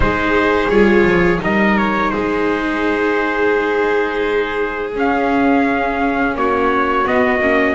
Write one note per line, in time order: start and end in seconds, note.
0.00 0.66 G#3
0.00 0.69 D#4
0.00 1.41 G#4
0.00 0.69 C5
0.68 1.04 G3
0.68 1.39 F4
0.68 1.40 C#5
1.04 1.39 F3
1.39 2.12 G3
1.39 4.91 D#4
1.39 2.12 A#4
1.39 1.77 D#5
1.77 2.10 C#5
2.10 4.95 G#3
2.10 6.35 G#4
2.10 4.92 C5
4.95 7.06 C#4
4.95 6.34 C#4
4.95 6.36 F5
6.34 7.05 A#3
6.34 7.75 F#4
6.34 7.07 C#5
7.06 7.41 B3
7.06 7.40 B3
7.06 7.75 D#5
7.40 7.75 A#3
7.40 7.75 C#4